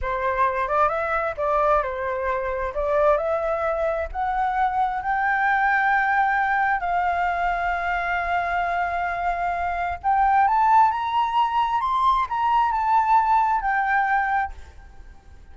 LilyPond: \new Staff \with { instrumentName = "flute" } { \time 4/4 \tempo 4 = 132 c''4. d''8 e''4 d''4 | c''2 d''4 e''4~ | e''4 fis''2 g''4~ | g''2. f''4~ |
f''1~ | f''2 g''4 a''4 | ais''2 c'''4 ais''4 | a''2 g''2 | }